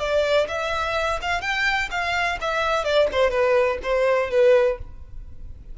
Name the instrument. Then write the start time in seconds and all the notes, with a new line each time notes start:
violin
0.00 D5
0.48 E5
1.22 F5
1.42 G5
1.91 F5
2.41 E5
2.85 D5
3.13 C5
3.31 B4
3.83 C5
4.31 B4